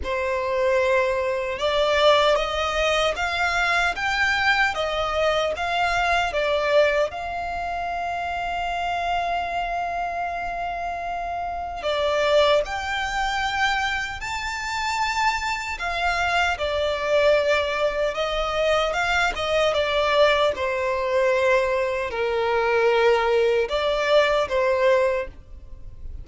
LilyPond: \new Staff \with { instrumentName = "violin" } { \time 4/4 \tempo 4 = 76 c''2 d''4 dis''4 | f''4 g''4 dis''4 f''4 | d''4 f''2.~ | f''2. d''4 |
g''2 a''2 | f''4 d''2 dis''4 | f''8 dis''8 d''4 c''2 | ais'2 d''4 c''4 | }